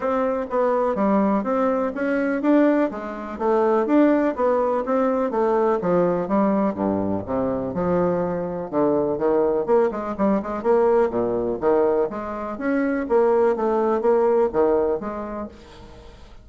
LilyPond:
\new Staff \with { instrumentName = "bassoon" } { \time 4/4 \tempo 4 = 124 c'4 b4 g4 c'4 | cis'4 d'4 gis4 a4 | d'4 b4 c'4 a4 | f4 g4 g,4 c4 |
f2 d4 dis4 | ais8 gis8 g8 gis8 ais4 ais,4 | dis4 gis4 cis'4 ais4 | a4 ais4 dis4 gis4 | }